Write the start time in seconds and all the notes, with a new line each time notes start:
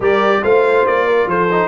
0.00 G3 G4 A#4 D5
0.43 A3 F4 C5 F5
0.86 A#3 D5
1.07 A#4
1.26 F3 A4 C5
1.51 D#4